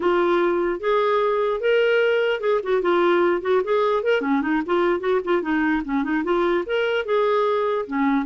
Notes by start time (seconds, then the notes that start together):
0.00 F4
0.80 G#4
1.60 A#4
2.40 G#4
2.63 F#4
2.82 F4
3.41 F#4
3.64 G#4
4.03 A#4
4.21 C#4
4.41 D#4
4.66 F4
5.00 F#4
5.24 F4
5.42 D#4
5.84 C#4
6.03 D#4
6.24 F4
6.66 A#4
7.05 G#4
7.86 C#4